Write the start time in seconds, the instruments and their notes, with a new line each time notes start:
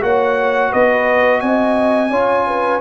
0.00 tuba A#3, trombone F#4, horn C#5, trumpet F#5
0.70 tuba B3, horn B4, trumpet D#5
1.40 tuba C4, horn D#5, trumpet G#5
2.10 tuba C#4, trombone F4, horn C#5
2.46 horn B4